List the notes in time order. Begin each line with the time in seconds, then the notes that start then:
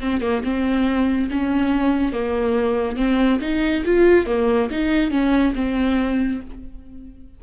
0.00 C4
0.21 A#3
0.44 C4
1.31 C#4
2.13 A#3
2.97 C4
3.41 D#4
3.86 F4
4.27 A#3
4.71 D#4
5.11 C#4
5.55 C4